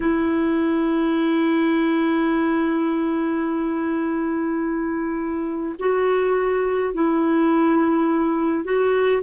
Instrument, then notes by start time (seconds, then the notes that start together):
clarinet
0.00 E4
5.78 F#4
6.94 E4
8.64 F#4